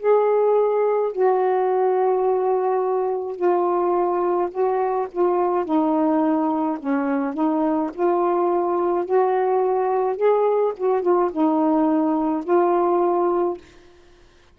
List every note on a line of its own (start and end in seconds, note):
0.00 1.13 G#4
1.13 3.37 F#4
3.37 4.50 F4
4.51 5.08 F#4
5.13 5.66 F4
5.66 6.79 D#4
6.80 7.34 C#4
7.34 7.91 D#4
7.94 9.06 F4
9.06 10.17 F#4
10.17 10.73 G#4
10.78 11.03 F#4
11.03 11.31 F4
11.32 12.45 D#4
12.45 13.58 F4